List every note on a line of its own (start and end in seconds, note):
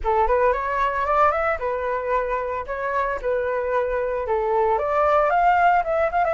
0.04 0.27 A4
0.27 0.52 B4
0.52 1.05 C#5
1.05 1.31 D5
1.31 1.58 E5
1.59 2.65 B4
2.66 3.19 C#5
3.21 4.26 B4
4.26 4.78 A4
4.78 5.30 D5
5.30 5.83 F5
5.84 6.10 E5
6.11 6.24 F5
6.24 6.34 E5